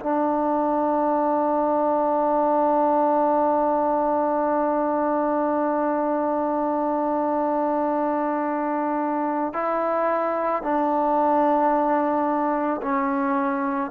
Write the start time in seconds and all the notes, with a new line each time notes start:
0.00 D4
9.54 E4
10.63 D4
12.82 C#4